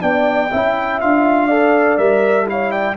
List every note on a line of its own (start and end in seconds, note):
0.00 0.51 B3
0.00 0.49 D4
0.00 0.51 D5
0.00 1.00 G5
0.51 1.02 C#4
0.51 1.01 E4
0.51 1.47 E5
1.00 1.97 D4
1.00 1.50 F4
1.00 1.97 F5
1.47 1.98 A4
1.47 2.45 D5
1.97 2.96 G3
1.97 2.46 A#4
1.97 2.47 E5
2.46 2.95 E4
2.46 2.71 C#5
2.46 2.71 F5
2.71 2.96 D5
2.71 2.95 G5